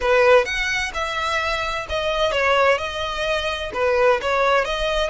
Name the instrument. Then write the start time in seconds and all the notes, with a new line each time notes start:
violin
0.00 B4
0.45 F#5
0.93 E5
1.89 D#5
2.31 C#5
2.78 D#5
3.73 B4
4.21 C#5
4.64 D#5